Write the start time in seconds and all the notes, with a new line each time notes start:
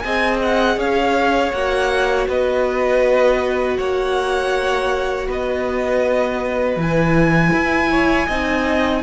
0.00 C4 G#4 D#5 G#5
0.43 F#5
0.77 C#4 C#5 F5
1.53 A#3 F#4 F#5
2.29 B3 B4 D#5
3.78 A#3 C#5 F#5
5.28 B3 B4 D#5
6.77 E3 E4 G#5
7.53 E4
7.91 C#5
8.27 C4 D#4 D#5